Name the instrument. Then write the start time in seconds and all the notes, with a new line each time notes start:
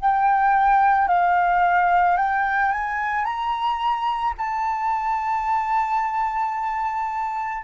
flute
0.00 G5
1.08 F5
2.17 G5
2.72 G#5
3.24 A#5
4.38 A5